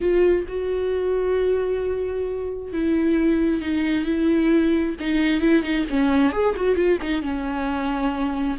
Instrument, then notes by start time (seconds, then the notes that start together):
viola
0.01 F4
0.48 F#4
2.73 E4
3.61 D#4
4.05 E4
5.00 D#4
5.41 E4
5.62 D#4
5.90 C#4
6.32 G#4
6.56 F#4
6.75 F4
7.01 D#4
7.21 C#4